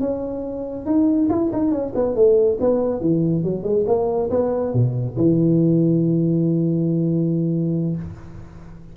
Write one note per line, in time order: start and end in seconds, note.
0.00 0.86 C#4
0.86 1.28 D#4
1.30 1.51 E4
1.52 1.71 D#4
1.71 1.93 C#4
1.95 2.15 B3
2.15 2.58 A3
2.60 3.00 B3
3.00 3.43 E3
3.43 3.63 F#3
3.63 3.85 G#3
3.87 4.30 A#3
4.30 4.73 B3
4.73 5.16 B2
5.17 7.96 E3